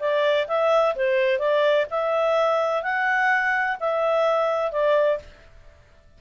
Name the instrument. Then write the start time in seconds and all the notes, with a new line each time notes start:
clarinet
0.00 D5
0.48 E5
0.96 C5
1.39 D5
1.91 E5
2.83 F#5
3.80 E5
4.72 D5